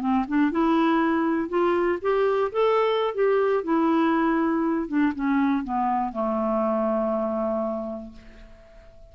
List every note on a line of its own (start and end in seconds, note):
0.00 0.25 C4
0.28 0.51 D4
0.51 1.49 E4
1.49 1.99 F4
2.01 2.51 G4
2.52 3.14 A4
3.14 3.63 G4
3.63 4.88 E4
4.88 5.13 D4
5.15 5.64 C#4
5.64 6.12 B3
6.12 8.12 A3